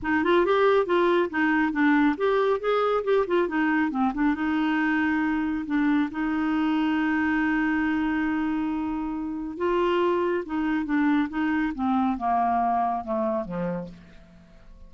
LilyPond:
\new Staff \with { instrumentName = "clarinet" } { \time 4/4 \tempo 4 = 138 dis'8 f'8 g'4 f'4 dis'4 | d'4 g'4 gis'4 g'8 f'8 | dis'4 c'8 d'8 dis'2~ | dis'4 d'4 dis'2~ |
dis'1~ | dis'2 f'2 | dis'4 d'4 dis'4 c'4 | ais2 a4 f4 | }